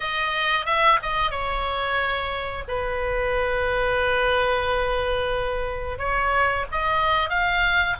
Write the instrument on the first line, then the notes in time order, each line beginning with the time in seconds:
oboe
0.00 D#5
0.65 E5
1.02 D#5
1.30 C#5
2.68 B4
5.98 C#5
6.71 D#5
7.29 F5